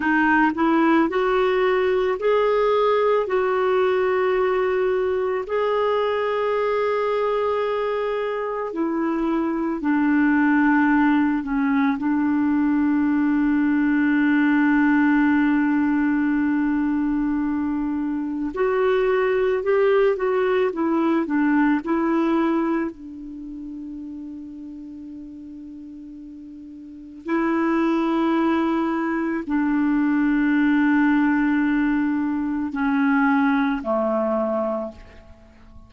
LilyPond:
\new Staff \with { instrumentName = "clarinet" } { \time 4/4 \tempo 4 = 55 dis'8 e'8 fis'4 gis'4 fis'4~ | fis'4 gis'2. | e'4 d'4. cis'8 d'4~ | d'1~ |
d'4 fis'4 g'8 fis'8 e'8 d'8 | e'4 d'2.~ | d'4 e'2 d'4~ | d'2 cis'4 a4 | }